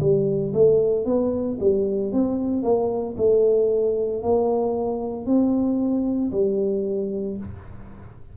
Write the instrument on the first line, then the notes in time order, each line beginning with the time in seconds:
tuba
0.00 G3
0.54 A3
1.05 B3
1.60 G3
2.12 C4
2.63 A#3
3.17 A3
4.22 A#3
5.26 C4
6.32 G3